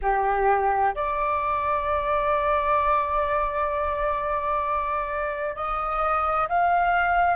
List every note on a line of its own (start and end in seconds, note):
0.02 0.94 G4
0.94 5.55 D5
5.55 6.47 D#5
6.48 7.36 F5